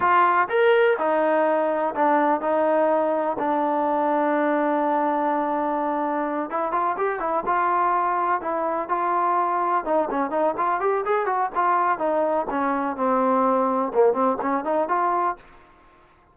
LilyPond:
\new Staff \with { instrumentName = "trombone" } { \time 4/4 \tempo 4 = 125 f'4 ais'4 dis'2 | d'4 dis'2 d'4~ | d'1~ | d'4. e'8 f'8 g'8 e'8 f'8~ |
f'4. e'4 f'4.~ | f'8 dis'8 cis'8 dis'8 f'8 g'8 gis'8 fis'8 | f'4 dis'4 cis'4 c'4~ | c'4 ais8 c'8 cis'8 dis'8 f'4 | }